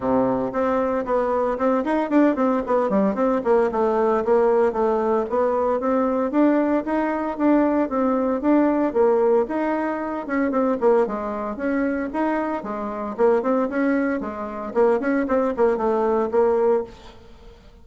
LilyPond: \new Staff \with { instrumentName = "bassoon" } { \time 4/4 \tempo 4 = 114 c4 c'4 b4 c'8 dis'8 | d'8 c'8 b8 g8 c'8 ais8 a4 | ais4 a4 b4 c'4 | d'4 dis'4 d'4 c'4 |
d'4 ais4 dis'4. cis'8 | c'8 ais8 gis4 cis'4 dis'4 | gis4 ais8 c'8 cis'4 gis4 | ais8 cis'8 c'8 ais8 a4 ais4 | }